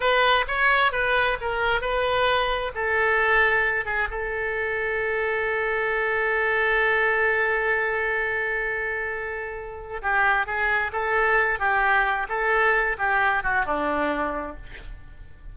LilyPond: \new Staff \with { instrumentName = "oboe" } { \time 4/4 \tempo 4 = 132 b'4 cis''4 b'4 ais'4 | b'2 a'2~ | a'8 gis'8 a'2.~ | a'1~ |
a'1~ | a'2 g'4 gis'4 | a'4. g'4. a'4~ | a'8 g'4 fis'8 d'2 | }